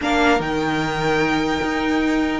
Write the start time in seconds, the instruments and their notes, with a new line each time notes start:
0.01 cello A#3, viola D4, violin A#4 F5
0.39 cello D#3, viola D#4, violin G5
1.62 cello D#4